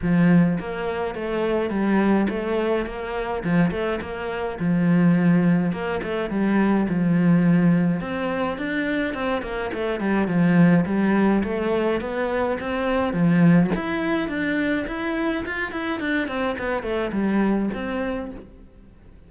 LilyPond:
\new Staff \with { instrumentName = "cello" } { \time 4/4 \tempo 4 = 105 f4 ais4 a4 g4 | a4 ais4 f8 a8 ais4 | f2 ais8 a8 g4 | f2 c'4 d'4 |
c'8 ais8 a8 g8 f4 g4 | a4 b4 c'4 f4 | e'4 d'4 e'4 f'8 e'8 | d'8 c'8 b8 a8 g4 c'4 | }